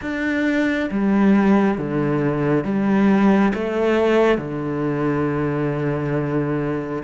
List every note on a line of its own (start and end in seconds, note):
0.01 0.89 D4
0.90 1.78 G3
1.78 2.64 D3
2.64 3.53 G3
3.54 4.38 A3
4.38 7.02 D3